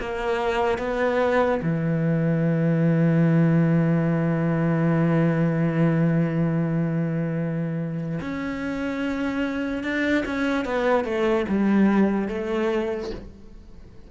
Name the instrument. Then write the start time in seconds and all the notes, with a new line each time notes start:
cello
0.00 A#3
0.78 B3
1.63 E3
8.21 C#4
9.83 D4
10.26 C#4
10.65 B3
11.05 A3
11.49 G3
12.28 A3